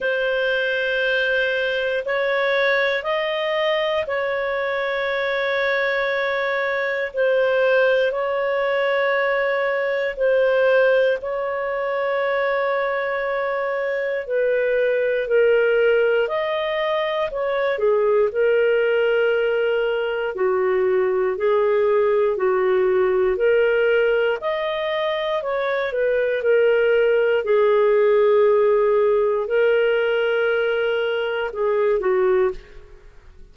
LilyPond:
\new Staff \with { instrumentName = "clarinet" } { \time 4/4 \tempo 4 = 59 c''2 cis''4 dis''4 | cis''2. c''4 | cis''2 c''4 cis''4~ | cis''2 b'4 ais'4 |
dis''4 cis''8 gis'8 ais'2 | fis'4 gis'4 fis'4 ais'4 | dis''4 cis''8 b'8 ais'4 gis'4~ | gis'4 ais'2 gis'8 fis'8 | }